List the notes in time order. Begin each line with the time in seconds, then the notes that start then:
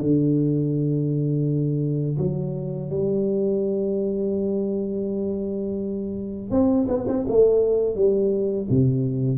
0.00 D3
2.18 F#3
2.90 G3
6.50 C4
6.88 B3
7.07 C4
7.27 A3
7.95 G3
8.69 C3